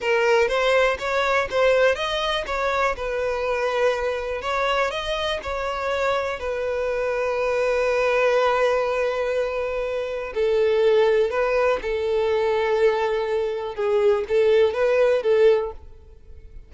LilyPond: \new Staff \with { instrumentName = "violin" } { \time 4/4 \tempo 4 = 122 ais'4 c''4 cis''4 c''4 | dis''4 cis''4 b'2~ | b'4 cis''4 dis''4 cis''4~ | cis''4 b'2.~ |
b'1~ | b'4 a'2 b'4 | a'1 | gis'4 a'4 b'4 a'4 | }